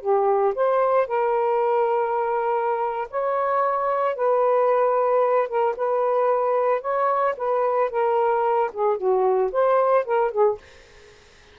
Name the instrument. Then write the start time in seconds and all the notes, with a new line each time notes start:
saxophone
0.00 G4
0.54 C5
1.07 A#4
3.10 C#5
4.15 B4
5.48 A#4
5.76 B4
6.81 C#5
7.37 B4
7.90 A#4
8.72 G#4
8.97 F#4
9.52 C5
10.04 A#4
10.31 G#4